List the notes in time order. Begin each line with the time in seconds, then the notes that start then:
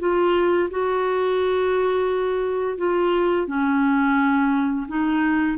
0.00 F4
0.71 F#4
2.78 F4
3.48 C#4
4.89 D#4